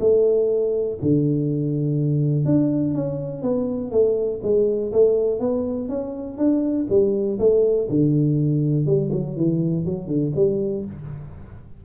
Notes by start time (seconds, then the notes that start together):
0.00 A3
1.02 D3
2.45 D4
2.94 C#4
3.42 B3
3.91 A3
4.43 G#3
4.92 A3
5.40 B3
5.89 C#4
6.38 D4
6.90 G3
7.39 A3
7.89 D3
8.86 G3
9.12 F#3
9.37 E3
9.85 F#3
10.07 D3
10.35 G3